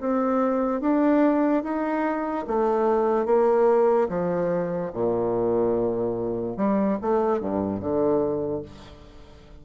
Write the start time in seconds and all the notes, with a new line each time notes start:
0.00 C4
0.81 D4
1.64 D#4
2.47 A3
3.26 A#3
4.09 F3
4.93 A#2
6.57 G3
7.02 A3
7.40 G2
7.80 D3